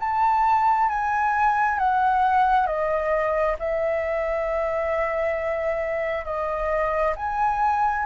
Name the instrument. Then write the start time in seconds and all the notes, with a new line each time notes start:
flute
0.00 A5
0.89 G#5
1.79 F#5
2.67 D#5
3.59 E5
6.25 D#5
7.16 G#5